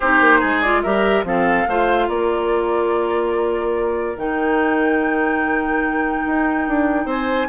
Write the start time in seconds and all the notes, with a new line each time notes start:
0.00 C4 D#4 G4 C5
0.20 A#3
0.40 G#3 G#4
0.61 F4 D5
0.82 G3 G4 A#4 E5
1.23 F3 C4 A4 F5
1.67 A3 F4 C5
2.07 A#3 A#4 D5
4.16 D#3 D#4 G5
6.26 D#4
6.67 D4
7.05 C4 C5 G#5